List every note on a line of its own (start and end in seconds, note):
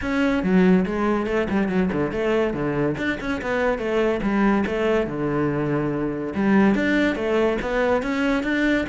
0.01 0.43 C#4
0.43 0.85 F#3
0.85 1.26 G#3
1.26 1.47 A3
1.49 1.68 G3
1.68 1.89 F#3
1.92 2.11 D3
2.11 2.53 A3
2.53 2.96 D3
2.97 3.18 D4
3.20 3.41 C#4
3.41 3.78 B3
3.78 4.20 A3
4.22 4.64 G3
4.66 5.06 A3
5.06 6.33 D3
6.34 6.75 G3
6.75 7.15 D4
7.15 7.57 A3
7.61 8.02 B3
8.02 8.43 C#4
8.43 8.85 D4